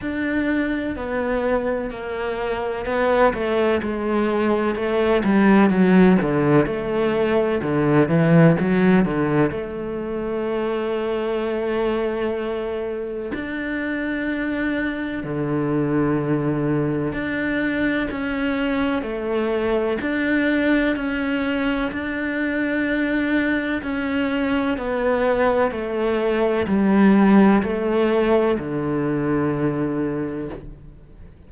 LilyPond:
\new Staff \with { instrumentName = "cello" } { \time 4/4 \tempo 4 = 63 d'4 b4 ais4 b8 a8 | gis4 a8 g8 fis8 d8 a4 | d8 e8 fis8 d8 a2~ | a2 d'2 |
d2 d'4 cis'4 | a4 d'4 cis'4 d'4~ | d'4 cis'4 b4 a4 | g4 a4 d2 | }